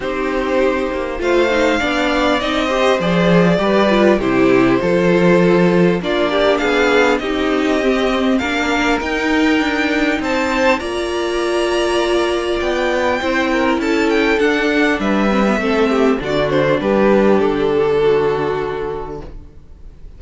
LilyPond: <<
  \new Staff \with { instrumentName = "violin" } { \time 4/4 \tempo 4 = 100 c''2 f''2 | dis''4 d''2 c''4~ | c''2 d''4 f''4 | dis''2 f''4 g''4~ |
g''4 a''4 ais''2~ | ais''4 g''2 a''8 g''8 | fis''4 e''2 d''8 c''8 | b'4 a'2. | }
  \new Staff \with { instrumentName = "violin" } { \time 4/4 g'2 c''4 d''4~ | d''8 c''4. b'4 g'4 | a'2 f'8 g'8 gis'4 | g'2 ais'2~ |
ais'4 c''4 d''2~ | d''2 c''8 ais'8 a'4~ | a'4 b'4 a'8 g'8 fis'4 | g'2 fis'2 | }
  \new Staff \with { instrumentName = "viola" } { \time 4/4 dis'2 f'8 dis'8 d'4 | dis'8 g'8 gis'4 g'8 f'8 e'4 | f'2 d'2 | dis'4 c'4 d'4 dis'4~ |
dis'2 f'2~ | f'2 e'2 | d'4. c'16 b16 c'4 d'4~ | d'1 | }
  \new Staff \with { instrumentName = "cello" } { \time 4/4 c'4. ais8 a4 b4 | c'4 f4 g4 c4 | f2 ais4 b4 | c'2 ais4 dis'4 |
d'4 c'4 ais2~ | ais4 b4 c'4 cis'4 | d'4 g4 a4 d4 | g4 d2. | }
>>